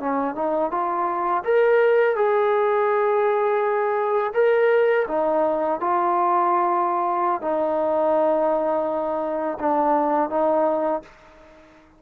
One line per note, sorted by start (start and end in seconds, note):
0.00 0.35 C#4
0.35 0.71 D#4
0.71 1.43 F4
1.45 2.16 A#4
2.16 4.33 G#4
4.34 5.06 A#4
5.08 5.80 D#4
5.80 7.42 F4
7.42 9.58 D#4
9.59 10.30 D4
10.30 11.02 D#4